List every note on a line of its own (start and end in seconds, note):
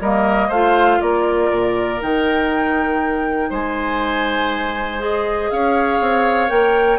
0.00 0.49 G3
0.00 0.52 A#3
0.00 0.48 A#4
0.00 0.51 D#5
0.48 0.99 A3
0.48 1.99 F4
0.48 0.98 C5
0.48 1.01 F5
1.01 1.51 A#3
1.01 3.50 A#4
1.01 2.01 D5
1.51 2.01 A#2
1.99 3.50 D#3
1.99 4.99 D#4
1.99 3.52 G5
3.50 5.50 G#3
3.50 5.50 C5
3.50 5.01 G#5
4.99 6.48 G#4
4.99 5.50 D#5
5.50 6.00 C#4
5.50 6.99 C#5
5.50 6.49 F5
6.00 6.50 C4
6.48 6.99 A#3
6.48 6.98 A#4
6.48 6.99 G5